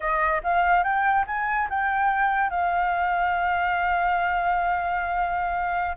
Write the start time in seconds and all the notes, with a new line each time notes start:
0.00 D#5
0.43 F5
0.83 G5
1.26 G#5
1.69 G5
2.50 F5